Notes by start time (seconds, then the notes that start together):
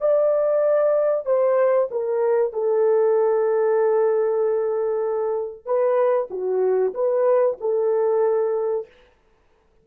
0.00 D5
1.25 C5
1.90 A#4
2.52 A4
5.65 B4
6.30 F#4
6.94 B4
7.60 A4